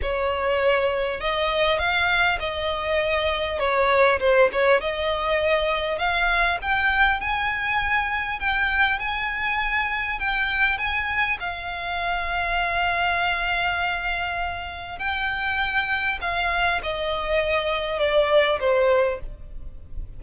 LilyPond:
\new Staff \with { instrumentName = "violin" } { \time 4/4 \tempo 4 = 100 cis''2 dis''4 f''4 | dis''2 cis''4 c''8 cis''8 | dis''2 f''4 g''4 | gis''2 g''4 gis''4~ |
gis''4 g''4 gis''4 f''4~ | f''1~ | f''4 g''2 f''4 | dis''2 d''4 c''4 | }